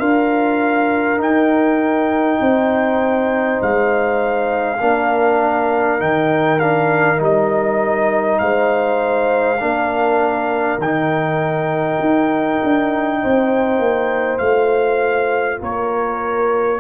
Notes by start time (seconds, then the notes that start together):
0.00 D4 F4 A#4 F5
1.18 D#4 G5
2.41 C4 C5
3.62 G#3 F5
4.80 A#3 D4 A#4
6.00 D#3 D#4 G5
6.59 D4 F5
7.17 G3 D#4
7.24 D#5
8.39 G#3 C5 F5
9.60 A#3 D4 A#4
10.78 D#3 D#4 G5
12.00 D#4
12.64 D4
13.22 C4 C5
13.79 A#3
14.39 A3 F4 F5
15.60 A#3 A#4 C#5